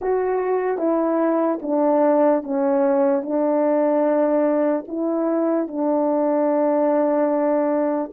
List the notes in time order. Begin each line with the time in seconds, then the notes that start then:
0.01 F#4
0.78 E4
1.62 D4
2.43 C#4
3.22 D4
4.87 E4
5.67 D4